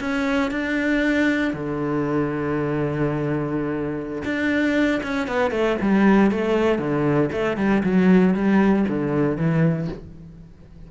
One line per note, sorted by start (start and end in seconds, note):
0.00 0.51 C#4
0.51 1.53 D4
1.53 4.23 D3
4.24 5.01 D4
5.03 5.27 C#4
5.27 5.51 B3
5.51 5.76 A3
5.81 6.31 G3
6.31 6.79 A3
6.79 7.30 D3
7.32 7.57 A3
7.57 7.83 G3
7.83 8.34 F#3
8.34 8.85 G3
8.88 9.37 D3
9.37 9.88 E3